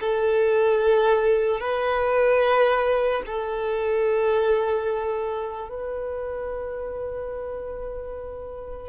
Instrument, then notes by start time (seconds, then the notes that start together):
violin
0.00 A4
1.60 B4
3.25 A4
5.69 B4